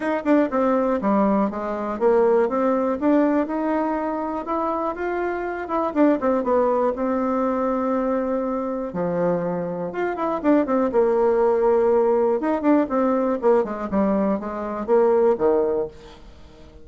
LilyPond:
\new Staff \with { instrumentName = "bassoon" } { \time 4/4 \tempo 4 = 121 dis'8 d'8 c'4 g4 gis4 | ais4 c'4 d'4 dis'4~ | dis'4 e'4 f'4. e'8 | d'8 c'8 b4 c'2~ |
c'2 f2 | f'8 e'8 d'8 c'8 ais2~ | ais4 dis'8 d'8 c'4 ais8 gis8 | g4 gis4 ais4 dis4 | }